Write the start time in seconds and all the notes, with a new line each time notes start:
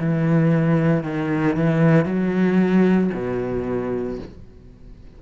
0.00 E3
1.03 D#3
1.56 E3
2.05 F#3
3.14 B2